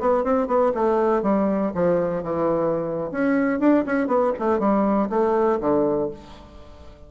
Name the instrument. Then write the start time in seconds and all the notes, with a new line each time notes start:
bassoon
0.00 B3
0.24 C4
0.47 B3
0.74 A3
1.23 G3
1.74 F3
2.23 E3
3.12 C#4
3.60 D4
3.86 C#4
4.07 B3
4.39 A3
4.59 G3
5.10 A3
5.60 D3